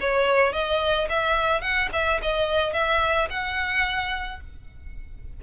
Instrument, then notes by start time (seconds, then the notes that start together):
violin
0.00 C#5
0.53 D#5
1.09 E5
1.61 F#5
1.93 E5
2.22 D#5
2.73 E5
3.30 F#5